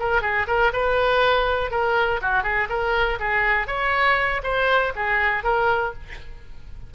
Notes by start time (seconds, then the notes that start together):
0.00 A#4
0.22 G#4
0.48 A#4
0.73 B4
1.71 A#4
2.22 F#4
2.44 G#4
2.70 A#4
3.20 G#4
3.67 C#5
4.44 C5
4.96 G#4
5.44 A#4